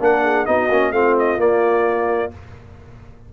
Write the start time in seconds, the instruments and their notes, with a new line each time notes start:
0.00 tuba A#3, trombone D4, horn A#4, trumpet F#5
0.23 horn G#4
0.46 tuba B3, trombone D#4, horn F#4, trumpet D#5
0.69 tuba A#3, trombone C#4
0.91 tuba A3, trombone C4, horn F4, trumpet F5
1.19 trumpet D#5
1.37 tuba A#3, trombone A#3, trumpet D5